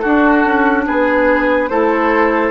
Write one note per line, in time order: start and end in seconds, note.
0.00 1.70 D4
0.00 0.45 D4
0.00 0.85 F#4
0.00 0.83 A4
0.45 0.86 C#4
0.86 1.71 B3
0.86 1.70 G#4
0.86 1.68 B4
1.68 2.51 A3
1.68 2.51 E4
1.68 2.51 A4
1.68 2.51 C5